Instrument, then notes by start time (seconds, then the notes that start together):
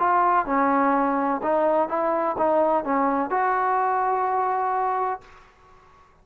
trombone
0.00 F4
0.46 C#4
1.43 D#4
1.89 E4
2.38 D#4
2.85 C#4
3.31 F#4